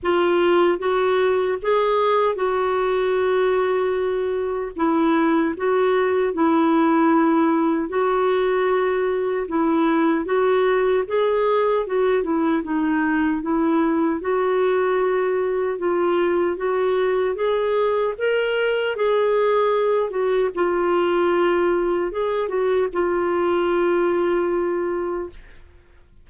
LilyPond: \new Staff \with { instrumentName = "clarinet" } { \time 4/4 \tempo 4 = 76 f'4 fis'4 gis'4 fis'4~ | fis'2 e'4 fis'4 | e'2 fis'2 | e'4 fis'4 gis'4 fis'8 e'8 |
dis'4 e'4 fis'2 | f'4 fis'4 gis'4 ais'4 | gis'4. fis'8 f'2 | gis'8 fis'8 f'2. | }